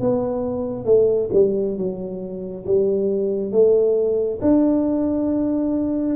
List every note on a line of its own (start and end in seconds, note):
0.00 0.85 B3
0.85 1.30 A3
1.33 1.77 G3
1.77 2.66 F#3
2.66 3.51 G3
3.51 4.40 A3
4.42 6.16 D4